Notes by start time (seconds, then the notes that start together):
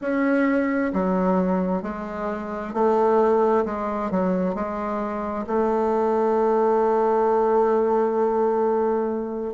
0.01 C#4
0.93 F#3
1.82 G#3
2.73 A3
3.65 G#3
4.10 F#3
4.55 G#3
5.46 A3